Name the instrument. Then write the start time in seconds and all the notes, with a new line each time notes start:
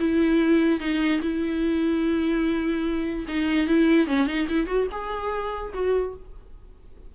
viola
0.00 E4
0.80 D#4
1.22 E4
3.28 D#4
3.68 E4
4.07 C#4
4.27 D#4
4.49 E4
4.67 F#4
4.92 G#4
5.74 F#4